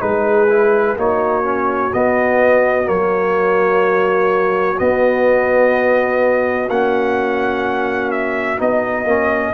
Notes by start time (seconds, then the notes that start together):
0.00 G#3 D#4 G#4 B4
0.49 E4
0.96 A#3 D#4 F#4 C#5
1.43 C#4
1.93 B3 D#5
2.84 F#3 A#3 C#5
4.78 B3 D#5
6.68 A#3 C#4 F#5
8.11 E5
8.57 B3 D#4 D#5
9.04 A#3 C#4